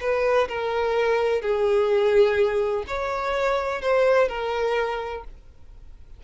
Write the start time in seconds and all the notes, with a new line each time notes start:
0.00 B4
0.48 A#4
1.41 G#4
2.87 C#5
3.81 C5
4.29 A#4